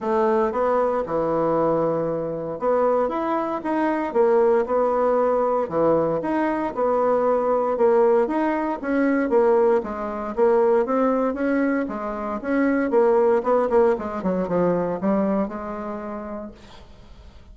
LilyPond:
\new Staff \with { instrumentName = "bassoon" } { \time 4/4 \tempo 4 = 116 a4 b4 e2~ | e4 b4 e'4 dis'4 | ais4 b2 e4 | dis'4 b2 ais4 |
dis'4 cis'4 ais4 gis4 | ais4 c'4 cis'4 gis4 | cis'4 ais4 b8 ais8 gis8 fis8 | f4 g4 gis2 | }